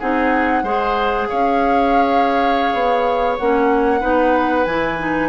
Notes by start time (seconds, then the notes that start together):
0.00 C4 D#4 G#4 F#5
0.63 G#3 G#4 C5
1.28 C#4 C#5 F5
2.74 B3
3.37 A#3 C#4 F#5
4.01 B3 D#4 B4
4.65 E3 E4 G#5
4.99 D#4